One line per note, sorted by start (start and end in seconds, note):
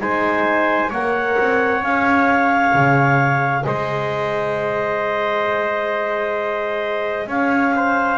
0.00 0.91 G#3
0.00 0.91 D#4
0.00 0.90 C5
0.00 0.91 G#5
0.90 1.38 A#3
0.90 1.83 A#4
0.90 3.62 C#5
0.90 1.83 F#5
1.38 1.82 C4
1.82 2.73 C#4
1.82 8.18 G#4
1.82 3.64 F5
2.74 3.65 C#3
3.64 7.27 G#3
3.64 7.28 C5
3.64 7.28 D#5
7.27 8.18 C#4
7.27 7.74 C#5
7.27 8.18 F5
7.76 8.18 C5